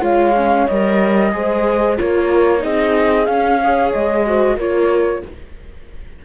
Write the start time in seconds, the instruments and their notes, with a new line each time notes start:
0.00 cello G#3, viola F4, horn C#5, flute F5
0.36 viola C#4
0.67 cello G3, viola A#4, flute D#5
1.31 cello G#3, viola G#4, horn C5
1.97 cello A#3, viola F4, horn A#4, flute C#5
2.58 cello C4, viola D#4, horn G#4, flute D#5
3.25 cello C#4, viola C#4, flute F5
3.61 viola G#4, horn C#5
3.92 cello G#3, flute D#5
4.26 viola F#4, horn C5
4.56 cello A#3, viola F4, horn A#4, flute C#5